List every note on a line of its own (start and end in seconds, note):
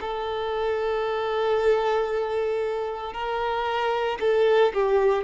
0.00 3.13 A4
3.13 4.18 A#4
4.20 4.73 A4
4.73 5.24 G4